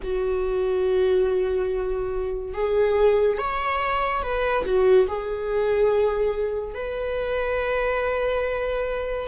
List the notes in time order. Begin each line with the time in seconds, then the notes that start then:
0.03 F#4
2.54 G#4
3.38 C#5
4.22 B4
4.65 F#4
5.07 G#4
6.74 B4